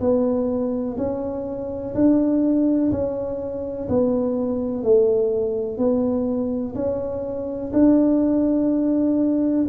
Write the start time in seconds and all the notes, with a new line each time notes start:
0.00 B3
0.97 C#4
1.94 D4
2.92 C#4
3.89 B3
4.83 A3
5.78 B3
6.75 C#4
7.73 D4